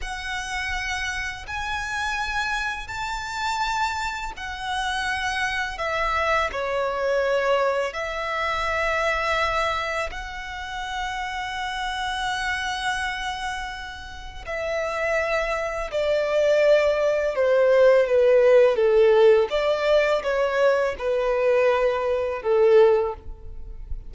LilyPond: \new Staff \with { instrumentName = "violin" } { \time 4/4 \tempo 4 = 83 fis''2 gis''2 | a''2 fis''2 | e''4 cis''2 e''4~ | e''2 fis''2~ |
fis''1 | e''2 d''2 | c''4 b'4 a'4 d''4 | cis''4 b'2 a'4 | }